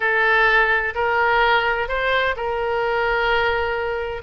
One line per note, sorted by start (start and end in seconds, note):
0.00 0.94 A4
0.94 1.88 A#4
1.88 2.35 C5
2.36 4.22 A#4